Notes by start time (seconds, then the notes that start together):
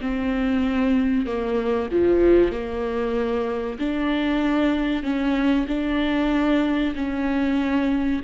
0.00 C4
1.26 A#3
1.91 F3
2.51 A#3
3.78 D4
5.03 C#4
5.68 D4
6.95 C#4